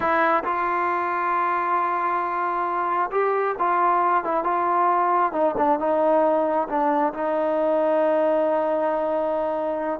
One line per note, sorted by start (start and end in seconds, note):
0.00 0.43 E4
0.43 3.10 F4
3.11 3.55 G4
3.59 4.23 F4
4.23 4.43 E4
4.43 5.32 F4
5.32 5.54 D#4
5.57 5.79 D4
5.79 6.68 D#4
6.68 7.13 D4
7.13 9.99 D#4